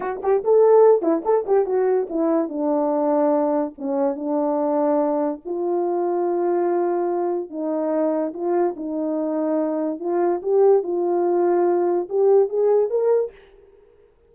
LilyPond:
\new Staff \with { instrumentName = "horn" } { \time 4/4 \tempo 4 = 144 fis'8 g'8 a'4. e'8 a'8 g'8 | fis'4 e'4 d'2~ | d'4 cis'4 d'2~ | d'4 f'2.~ |
f'2 dis'2 | f'4 dis'2. | f'4 g'4 f'2~ | f'4 g'4 gis'4 ais'4 | }